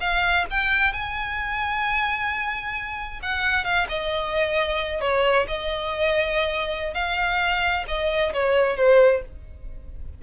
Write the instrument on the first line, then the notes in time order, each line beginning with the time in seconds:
violin
0.00 F5
0.50 G5
0.93 G#5
3.22 F#5
3.64 F5
3.89 D#5
5.01 C#5
5.47 D#5
6.94 F5
7.87 D#5
8.33 C#5
8.76 C5